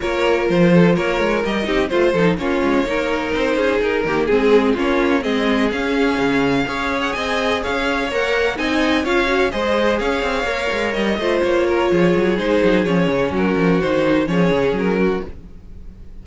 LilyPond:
<<
  \new Staff \with { instrumentName = "violin" } { \time 4/4 \tempo 4 = 126 cis''4 c''4 cis''4 dis''4 | c''4 cis''2 c''4 | ais'4 gis'4 cis''4 dis''4 | f''2~ f''8. fis''16 gis''4 |
f''4 fis''4 gis''4 f''4 | dis''4 f''2 dis''4 | cis''2 c''4 cis''4 | ais'4 c''4 cis''4 ais'4 | }
  \new Staff \with { instrumentName = "violin" } { \time 4/4 ais'4. a'8 ais'4. g'8 | f'8 a'8 f'4 ais'4. gis'8~ | gis'8 g'8 gis'4 f'4 gis'4~ | gis'2 cis''4 dis''4 |
cis''2 dis''4 cis''4 | c''4 cis''2~ cis''8 c''8~ | c''8 ais'8 gis'2. | fis'2 gis'4. fis'8 | }
  \new Staff \with { instrumentName = "viola" } { \time 4/4 f'2. g'8 dis'8 | f'8 dis'8 cis'4 dis'2~ | dis'8 ais8 c'4 cis'4 c'4 | cis'2 gis'2~ |
gis'4 ais'4 dis'4 f'8 fis'8 | gis'2 ais'4. f'8~ | f'2 dis'4 cis'4~ | cis'4 dis'4 cis'2 | }
  \new Staff \with { instrumentName = "cello" } { \time 4/4 ais4 f4 ais8 gis8 g8 c'8 | a8 f8 ais8 gis8 ais4 c'8 cis'8 | dis'8 dis8 gis4 ais4 gis4 | cis'4 cis4 cis'4 c'4 |
cis'4 ais4 c'4 cis'4 | gis4 cis'8 c'8 ais8 gis8 g8 a8 | ais4 f8 fis8 gis8 fis8 f8 cis8 | fis8 f8 dis4 f8 cis8 fis4 | }
>>